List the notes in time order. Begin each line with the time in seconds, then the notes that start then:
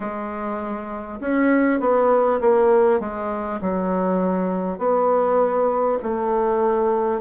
0.00 G#3
1.20 C#4
1.79 B3
2.41 A#3
2.99 G#3
3.61 F#3
4.78 B3
6.02 A3